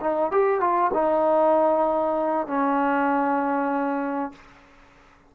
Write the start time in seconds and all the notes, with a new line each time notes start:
0.00 D#4
0.31 G4
0.60 F4
0.93 D#4
2.47 C#4